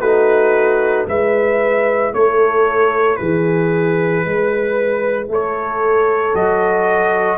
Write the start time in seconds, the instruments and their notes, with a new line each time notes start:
0.00 tuba A3, trombone D#4, horn F#4, trumpet B4
1.07 tuba G#3, trombone E4, horn B4, trumpet E5
2.13 tuba A3, horn A4, trumpet C#5
3.16 tuba E3, horn G#4, trumpet B4
4.25 tuba G#3, horn B4
5.28 tuba A3, horn A4, trumpet C#5
6.34 tuba F#3, trombone F#4, trumpet D#5